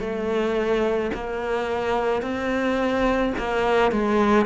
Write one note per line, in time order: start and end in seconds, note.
0.00 1.11 A3
1.14 2.22 A#3
2.22 3.33 C4
3.38 3.92 A#3
3.92 4.46 G#3